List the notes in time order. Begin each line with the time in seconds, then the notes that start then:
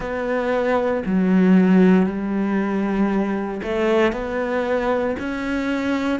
0.00 B3
1.05 F#3
2.05 G3
3.62 A3
4.12 B3
5.19 C#4